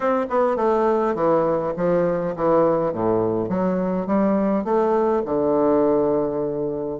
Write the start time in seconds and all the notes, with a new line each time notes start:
0.00 C4
0.29 B3
0.56 A3
1.15 E3
1.76 F3
2.35 E3
2.92 A2
3.48 F#3
4.06 G3
4.64 A3
5.25 D3